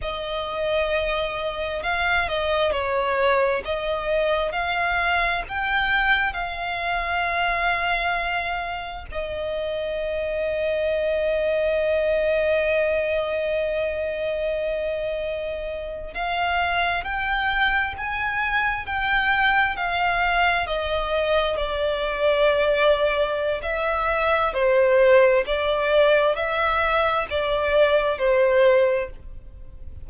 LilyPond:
\new Staff \with { instrumentName = "violin" } { \time 4/4 \tempo 4 = 66 dis''2 f''8 dis''8 cis''4 | dis''4 f''4 g''4 f''4~ | f''2 dis''2~ | dis''1~ |
dis''4.~ dis''16 f''4 g''4 gis''16~ | gis''8. g''4 f''4 dis''4 d''16~ | d''2 e''4 c''4 | d''4 e''4 d''4 c''4 | }